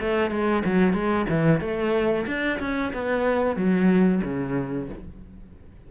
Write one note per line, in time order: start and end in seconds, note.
0.00 0.30 A3
0.30 0.63 G#3
0.65 0.93 F#3
0.93 1.26 G#3
1.29 1.60 E3
1.60 2.26 A3
2.26 2.59 D4
2.59 2.92 C#4
2.93 3.56 B3
3.56 4.21 F#3
4.23 4.89 C#3